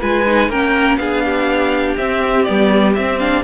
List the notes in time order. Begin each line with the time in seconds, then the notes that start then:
0.00 G#3 F4 B4 G#5
0.26 D#4
0.49 A#3 C#4 A#4 G5
0.97 B3 D4 G#4 F5
1.25 G4
1.97 C4 E5
2.44 G3 B3 D5
2.94 C4 E5
3.19 D4 F5